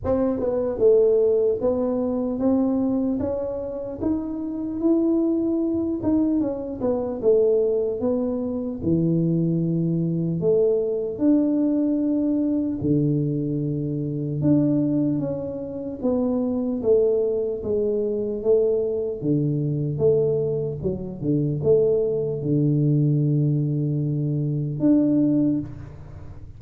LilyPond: \new Staff \with { instrumentName = "tuba" } { \time 4/4 \tempo 4 = 75 c'8 b8 a4 b4 c'4 | cis'4 dis'4 e'4. dis'8 | cis'8 b8 a4 b4 e4~ | e4 a4 d'2 |
d2 d'4 cis'4 | b4 a4 gis4 a4 | d4 a4 fis8 d8 a4 | d2. d'4 | }